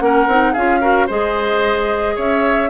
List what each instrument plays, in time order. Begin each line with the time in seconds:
0.00 bassoon A#3, clarinet C#4, oboe A#4, flute F#5
0.27 bassoon C4, clarinet D#4
0.53 bassoon C#4, clarinet F4, oboe G#4, flute F5
0.81 clarinet F#4, oboe A#4
1.07 bassoon G#3, clarinet G#4, oboe C5, flute D#5
2.16 bassoon C#4, oboe C#5, flute E5